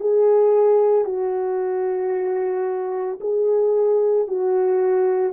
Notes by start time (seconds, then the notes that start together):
0.00 G#4
1.05 F#4
3.20 G#4
4.28 F#4